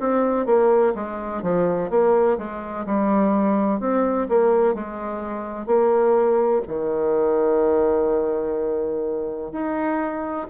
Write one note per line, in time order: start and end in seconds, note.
0.00 0.46 C4
0.46 0.94 A#3
0.95 1.42 G#3
1.42 1.90 F3
1.90 2.38 A#3
2.38 2.86 G#3
2.86 3.80 G3
3.80 4.28 C4
4.29 4.74 A#3
4.74 5.66 G#3
5.66 6.61 A#3
6.68 9.52 D#3
9.52 10.47 D#4